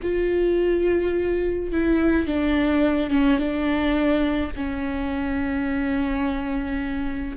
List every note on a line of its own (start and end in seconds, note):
0.02 1.72 F4
1.72 2.26 E4
2.26 3.10 D4
3.10 3.38 C#4
3.38 4.51 D4
4.56 7.36 C#4